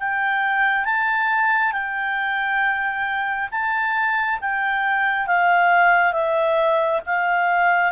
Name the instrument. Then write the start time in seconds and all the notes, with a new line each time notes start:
clarinet
0.00 G5
0.85 A5
1.72 G5
3.51 A5
4.41 G5
5.27 F5
6.13 E5
7.06 F5